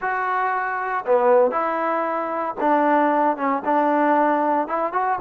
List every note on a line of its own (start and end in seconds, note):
0.01 1.04 F#4
1.05 1.51 B3
1.51 2.54 E4
2.60 3.36 D4
3.36 3.62 C#4
3.64 4.67 D4
4.67 4.93 E4
4.93 5.18 F#4